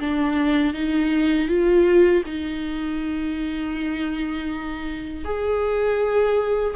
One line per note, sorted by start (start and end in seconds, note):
0.00 0.74 D4
0.74 1.48 D#4
1.48 2.23 F4
2.25 5.25 D#4
5.25 6.75 G#4